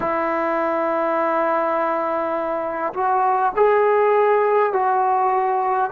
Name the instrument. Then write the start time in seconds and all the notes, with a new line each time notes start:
trombone
0.00 E4
2.93 F#4
3.56 G#4
4.73 F#4